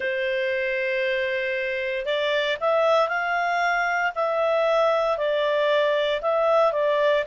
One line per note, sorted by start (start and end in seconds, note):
0.00 2.05 C5
2.05 2.57 D5
2.60 3.08 E5
3.08 4.11 F5
4.15 5.17 E5
5.17 6.21 D5
6.21 6.72 E5
6.72 7.24 D5